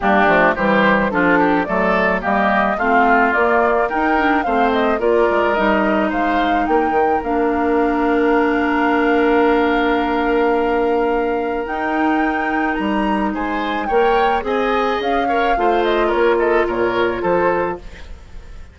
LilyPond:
<<
  \new Staff \with { instrumentName = "flute" } { \time 4/4 \tempo 4 = 108 g'4 c''4 a'4 d''4 | dis''4 f''4 d''4 g''4 | f''8 dis''8 d''4 dis''4 f''4 | g''4 f''2.~ |
f''1~ | f''4 g''2 ais''4 | gis''4 g''4 gis''4 f''4~ | f''8 dis''8 cis''8 dis''8 cis''4 c''4 | }
  \new Staff \with { instrumentName = "oboe" } { \time 4/4 d'4 g'4 f'8 g'8 a'4 | g'4 f'2 ais'4 | c''4 ais'2 c''4 | ais'1~ |
ais'1~ | ais'1 | c''4 cis''4 dis''4. cis''8 | c''4 ais'8 a'8 ais'4 a'4 | }
  \new Staff \with { instrumentName = "clarinet" } { \time 4/4 ais8 a8 g4 d'4 a4 | ais4 c'4 ais4 dis'8 d'8 | c'4 f'4 dis'2~ | dis'4 d'2.~ |
d'1~ | d'4 dis'2.~ | dis'4 ais'4 gis'4. ais'8 | f'1 | }
  \new Staff \with { instrumentName = "bassoon" } { \time 4/4 g8 f8 e4 f4 fis4 | g4 a4 ais4 dis'4 | a4 ais8 gis8 g4 gis4 | ais8 dis8 ais2.~ |
ais1~ | ais4 dis'2 g4 | gis4 ais4 c'4 cis'4 | a4 ais4 ais,4 f4 | }
>>